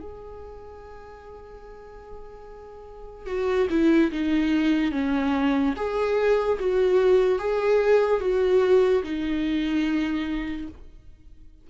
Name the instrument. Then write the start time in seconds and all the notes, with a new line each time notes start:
viola
0.00 G#4
3.27 F#4
3.70 E4
4.12 D#4
4.92 C#4
5.76 G#4
6.60 F#4
7.39 G#4
8.21 F#4
9.03 D#4